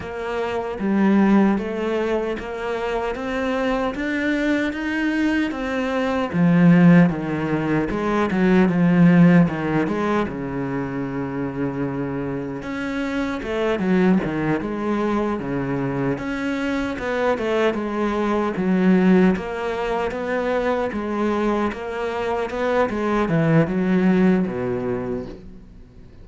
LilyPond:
\new Staff \with { instrumentName = "cello" } { \time 4/4 \tempo 4 = 76 ais4 g4 a4 ais4 | c'4 d'4 dis'4 c'4 | f4 dis4 gis8 fis8 f4 | dis8 gis8 cis2. |
cis'4 a8 fis8 dis8 gis4 cis8~ | cis8 cis'4 b8 a8 gis4 fis8~ | fis8 ais4 b4 gis4 ais8~ | ais8 b8 gis8 e8 fis4 b,4 | }